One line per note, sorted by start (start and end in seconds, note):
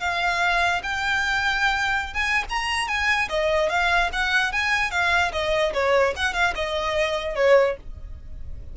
0.00 0.82 F5
0.83 2.14 G5
2.14 2.44 G#5
2.49 2.88 A#5
2.88 3.29 G#5
3.29 3.69 D#5
3.69 4.10 F5
4.13 4.52 F#5
4.52 4.91 G#5
4.91 5.32 F5
5.32 5.73 D#5
5.73 6.14 C#5
6.16 6.34 F#5
6.34 6.54 F5
6.55 7.36 D#5
7.36 7.76 C#5